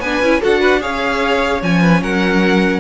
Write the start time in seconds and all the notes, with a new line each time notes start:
0.00 B3 D4 B4 G#5
0.21 C#4 E4
0.41 D4 F#4 A4 F#5
0.60 B4
0.81 C#4 G#4 C#5 F5
1.62 F3 C#4 G#5
1.81 B4
2.02 F#3 A#4 F#5